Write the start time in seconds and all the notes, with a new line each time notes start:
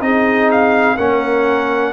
0.00 C4 D#4 G#4 D#5
0.50 F5
0.97 A#3 C#4 A#4 F#5